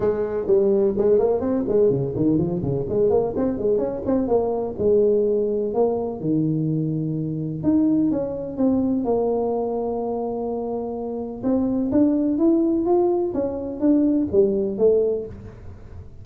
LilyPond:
\new Staff \with { instrumentName = "tuba" } { \time 4/4 \tempo 4 = 126 gis4 g4 gis8 ais8 c'8 gis8 | cis8 dis8 f8 cis8 gis8 ais8 c'8 gis8 | cis'8 c'8 ais4 gis2 | ais4 dis2. |
dis'4 cis'4 c'4 ais4~ | ais1 | c'4 d'4 e'4 f'4 | cis'4 d'4 g4 a4 | }